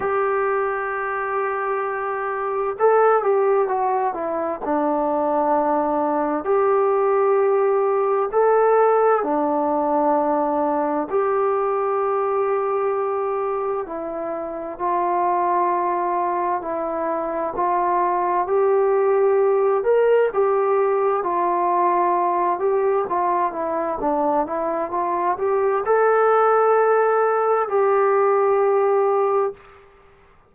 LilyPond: \new Staff \with { instrumentName = "trombone" } { \time 4/4 \tempo 4 = 65 g'2. a'8 g'8 | fis'8 e'8 d'2 g'4~ | g'4 a'4 d'2 | g'2. e'4 |
f'2 e'4 f'4 | g'4. ais'8 g'4 f'4~ | f'8 g'8 f'8 e'8 d'8 e'8 f'8 g'8 | a'2 g'2 | }